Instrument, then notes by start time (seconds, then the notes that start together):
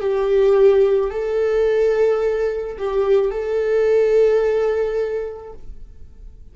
viola
0.00 G4
1.10 A4
2.78 G4
3.30 A4